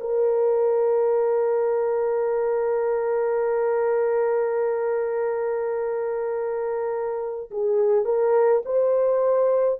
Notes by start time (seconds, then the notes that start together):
0.00 A#4
7.51 G#4
8.05 A#4
8.65 C5